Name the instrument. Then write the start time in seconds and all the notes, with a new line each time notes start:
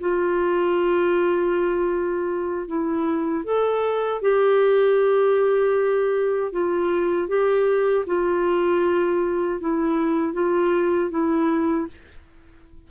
clarinet
0.00 F4
2.67 E4
3.44 A4
4.21 G4
6.52 F4
7.28 G4
8.06 F4
9.60 E4
10.33 F4
11.10 E4